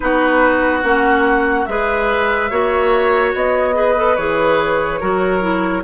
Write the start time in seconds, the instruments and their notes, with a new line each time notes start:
0.00 bassoon B3, clarinet D#4, oboe F#4, flute B4
0.83 bassoon A#3, clarinet C#4, flute F#5
1.65 bassoon G#3, clarinet G#4, oboe B4, flute E5
2.50 bassoon A#3, clarinet F#4, oboe C#5
3.34 bassoon B3, flute D#5
3.73 clarinet G#4, oboe B4
3.96 clarinet A4
4.15 bassoon E3, clarinet G#4, flute C#5
4.99 bassoon F#3, clarinet F#4, oboe A#4
5.40 clarinet E4